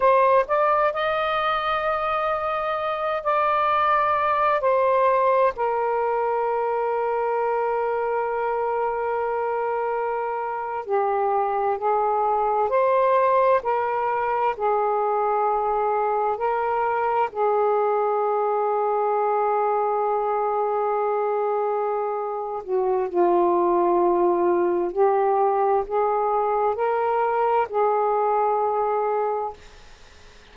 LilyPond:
\new Staff \with { instrumentName = "saxophone" } { \time 4/4 \tempo 4 = 65 c''8 d''8 dis''2~ dis''8 d''8~ | d''4 c''4 ais'2~ | ais'2.~ ais'8. g'16~ | g'8. gis'4 c''4 ais'4 gis'16~ |
gis'4.~ gis'16 ais'4 gis'4~ gis'16~ | gis'1~ | gis'8 fis'8 f'2 g'4 | gis'4 ais'4 gis'2 | }